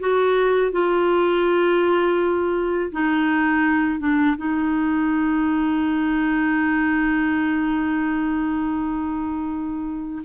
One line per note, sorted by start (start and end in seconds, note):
0.00 0.72 F#4
0.72 2.92 F4
2.92 4.00 D#4
4.00 4.37 D4
4.37 10.23 D#4